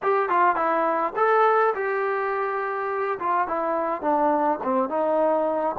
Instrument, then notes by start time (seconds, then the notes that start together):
trombone
0.02 G4
0.29 F4
0.55 E4
1.16 A4
1.74 G4
3.19 F4
3.47 E4
4.01 D4
4.63 C4
4.89 D#4